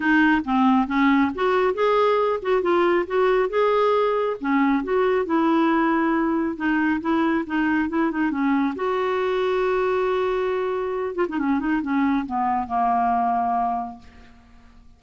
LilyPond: \new Staff \with { instrumentName = "clarinet" } { \time 4/4 \tempo 4 = 137 dis'4 c'4 cis'4 fis'4 | gis'4. fis'8 f'4 fis'4 | gis'2 cis'4 fis'4 | e'2. dis'4 |
e'4 dis'4 e'8 dis'8 cis'4 | fis'1~ | fis'4. f'16 dis'16 cis'8 dis'8 cis'4 | b4 ais2. | }